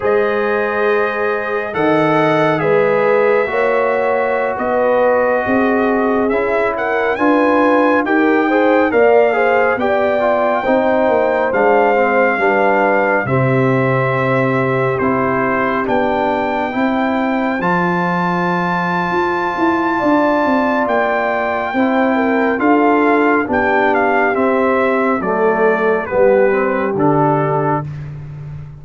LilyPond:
<<
  \new Staff \with { instrumentName = "trumpet" } { \time 4/4 \tempo 4 = 69 dis''2 fis''4 e''4~ | e''4~ e''16 dis''2 e''8 fis''16~ | fis''16 gis''4 g''4 f''4 g''8.~ | g''4~ g''16 f''2 e''8.~ |
e''4~ e''16 c''4 g''4.~ g''16~ | g''16 a''2.~ a''8. | g''2 f''4 g''8 f''8 | e''4 d''4 b'4 a'4 | }
  \new Staff \with { instrumentName = "horn" } { \time 4/4 c''2 dis''4 b'4 | cis''4~ cis''16 b'4 gis'4. ais'16~ | ais'16 b'4 ais'8 c''8 d''8 c''8 d''8.~ | d''16 c''2 b'4 g'8.~ |
g'2.~ g'16 c''8.~ | c''2. d''4~ | d''4 c''8 ais'8 a'4 g'4~ | g'4 a'4 g'2 | }
  \new Staff \with { instrumentName = "trombone" } { \time 4/4 gis'2 a'4 gis'4 | fis'2.~ fis'16 e'8.~ | e'16 f'4 g'8 gis'8 ais'8 gis'8 g'8 f'16~ | f'16 dis'4 d'8 c'8 d'4 c'8.~ |
c'4~ c'16 e'4 d'4 e'8.~ | e'16 f'2.~ f'8.~ | f'4 e'4 f'4 d'4 | c'4 a4 b8 c'8 d'4 | }
  \new Staff \with { instrumentName = "tuba" } { \time 4/4 gis2 dis4 gis4 | ais4~ ais16 b4 c'4 cis'8.~ | cis'16 d'4 dis'4 ais4 b8.~ | b16 c'8 ais8 gis4 g4 c8.~ |
c4~ c16 c'4 b4 c'8.~ | c'16 f4.~ f16 f'8 e'8 d'8 c'8 | ais4 c'4 d'4 b4 | c'4 fis4 g4 d4 | }
>>